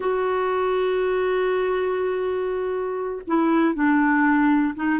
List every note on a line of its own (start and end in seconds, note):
0.00 3.22 F#4
3.27 3.74 E4
3.74 4.74 D4
4.75 4.99 D#4